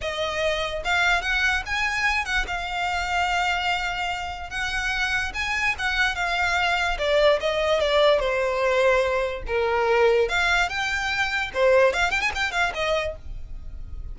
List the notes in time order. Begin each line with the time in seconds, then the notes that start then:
0.01 D#5
0.84 F5
1.21 F#5
1.66 G#5
2.25 F#5
2.47 F5
4.50 F#5
5.34 G#5
5.78 F#5
6.15 F5
6.98 D5
7.40 D#5
7.80 D5
8.19 C5
9.47 A#4
10.29 F5
10.69 G5
11.53 C5
11.93 F5
12.10 G5
12.21 G#5
12.35 G5
12.51 F5
12.74 D#5